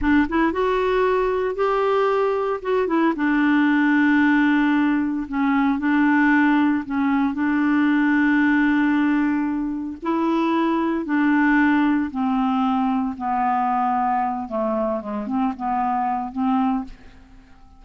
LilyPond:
\new Staff \with { instrumentName = "clarinet" } { \time 4/4 \tempo 4 = 114 d'8 e'8 fis'2 g'4~ | g'4 fis'8 e'8 d'2~ | d'2 cis'4 d'4~ | d'4 cis'4 d'2~ |
d'2. e'4~ | e'4 d'2 c'4~ | c'4 b2~ b8 a8~ | a8 gis8 c'8 b4. c'4 | }